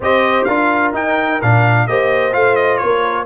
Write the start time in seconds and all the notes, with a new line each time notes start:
0.00 C4 G4 C5 D#5
0.44 D4 F4 A#4 F5
0.93 D#4 G5
1.41 A#2 D4 F5
1.87 A#3 G4 C5 D#5
2.32 A3 F4 F5
2.55 D#5
2.77 A#3 C#5
2.83 A#4